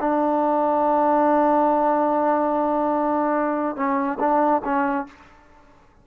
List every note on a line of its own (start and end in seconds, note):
0.00 3.76 D4
3.76 4.18 C#4
4.20 4.62 D4
4.65 5.07 C#4